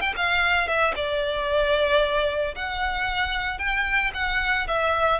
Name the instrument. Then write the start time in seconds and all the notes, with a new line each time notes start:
violin
0.00 G5
0.16 F5
0.67 E5
0.95 D5
2.55 F#5
3.58 G5
4.14 F#5
4.67 E5